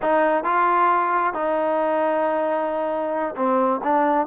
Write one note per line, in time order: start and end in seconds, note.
0.02 0.44 D#4
0.44 1.33 F4
1.33 3.35 D#4
3.36 3.81 C4
3.83 4.27 D4